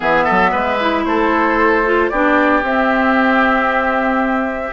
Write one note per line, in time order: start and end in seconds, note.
0.00 0.27 E3
0.00 0.78 B3
0.00 0.24 G#4
0.00 1.04 E5
0.24 0.53 F#3
0.24 0.50 A4
0.51 1.05 G#3
0.51 1.03 B4
0.79 1.85 E4
1.04 2.11 A3
1.04 2.10 A4
1.04 2.09 C5
1.85 2.11 F4
2.09 2.62 B3
2.09 2.63 D4
2.09 4.73 G4
2.09 2.62 D5
2.62 4.72 C4
2.62 4.73 C4
2.62 4.73 E5